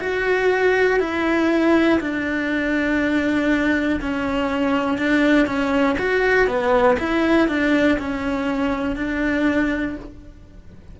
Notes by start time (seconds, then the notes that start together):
0.00 F#4
0.99 E4
2.00 D4
4.00 C#4
4.98 D4
5.46 C#4
5.99 F#4
6.47 B3
6.99 E4
7.48 D4
7.98 C#4
8.95 D4